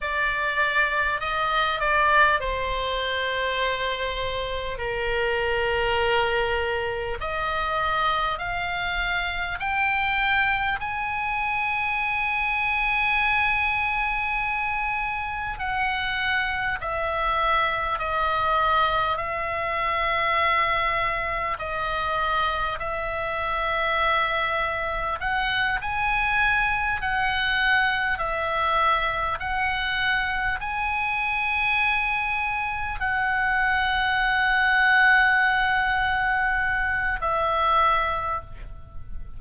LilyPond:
\new Staff \with { instrumentName = "oboe" } { \time 4/4 \tempo 4 = 50 d''4 dis''8 d''8 c''2 | ais'2 dis''4 f''4 | g''4 gis''2.~ | gis''4 fis''4 e''4 dis''4 |
e''2 dis''4 e''4~ | e''4 fis''8 gis''4 fis''4 e''8~ | e''8 fis''4 gis''2 fis''8~ | fis''2. e''4 | }